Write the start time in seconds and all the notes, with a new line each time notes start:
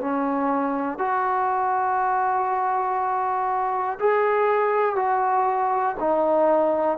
0.00 C#4
0.98 F#4
4.00 G#4
4.95 F#4
5.99 D#4